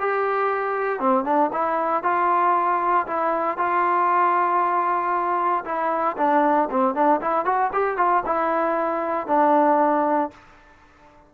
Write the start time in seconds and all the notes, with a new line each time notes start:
0.00 G4
1.00 C4
1.25 D4
1.53 E4
2.03 F4
3.07 E4
3.58 F4
5.65 E4
6.18 D4
6.71 C4
6.95 D4
7.21 E4
7.45 F#4
7.73 G4
7.98 F4
8.26 E4
9.28 D4